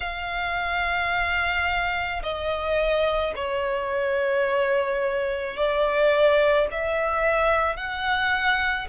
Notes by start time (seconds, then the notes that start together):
0.00 F5
2.22 D#5
3.35 C#5
5.56 D5
6.71 E5
7.76 F#5